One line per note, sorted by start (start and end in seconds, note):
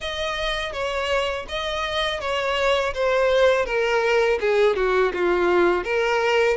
0.00 0.73 D#5
0.73 1.46 C#5
1.48 2.20 D#5
2.20 2.93 C#5
2.93 3.66 C5
3.66 4.39 A#4
4.40 4.76 G#4
4.76 5.12 F#4
5.13 5.84 F4
5.84 6.57 A#4